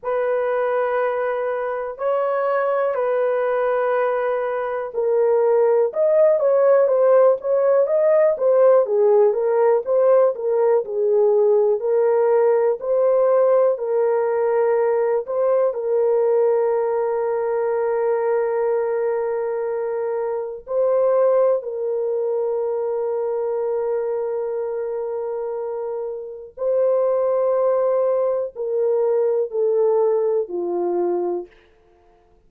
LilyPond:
\new Staff \with { instrumentName = "horn" } { \time 4/4 \tempo 4 = 61 b'2 cis''4 b'4~ | b'4 ais'4 dis''8 cis''8 c''8 cis''8 | dis''8 c''8 gis'8 ais'8 c''8 ais'8 gis'4 | ais'4 c''4 ais'4. c''8 |
ais'1~ | ais'4 c''4 ais'2~ | ais'2. c''4~ | c''4 ais'4 a'4 f'4 | }